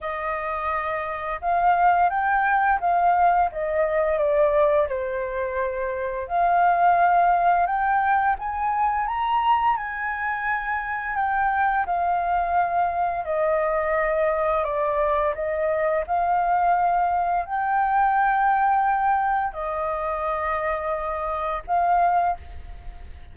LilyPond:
\new Staff \with { instrumentName = "flute" } { \time 4/4 \tempo 4 = 86 dis''2 f''4 g''4 | f''4 dis''4 d''4 c''4~ | c''4 f''2 g''4 | gis''4 ais''4 gis''2 |
g''4 f''2 dis''4~ | dis''4 d''4 dis''4 f''4~ | f''4 g''2. | dis''2. f''4 | }